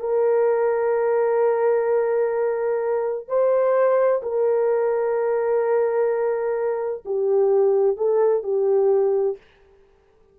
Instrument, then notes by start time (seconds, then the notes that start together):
horn
0.00 A#4
3.28 C5
4.23 A#4
7.05 G4
7.97 A4
8.44 G4